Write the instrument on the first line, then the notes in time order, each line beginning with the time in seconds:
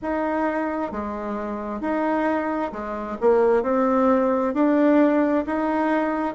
bassoon
0.02 D#4
0.91 G#3
1.80 D#4
2.71 G#3
3.21 A#3
3.62 C4
4.54 D4
5.46 D#4